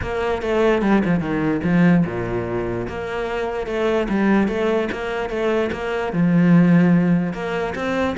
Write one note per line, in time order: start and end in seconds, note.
0.01 0.42 A#3
0.42 0.82 A3
0.82 1.02 G3
1.04 1.19 F3
1.19 1.60 D#3
1.63 2.04 F3
2.06 2.87 A#2
2.88 3.66 A#3
3.66 4.07 A3
4.09 4.47 G3
4.47 4.88 A3
4.92 5.29 A#3
5.29 5.70 A3
5.71 6.12 A#3
6.12 7.33 F3
7.33 7.73 A#3
7.75 8.16 C4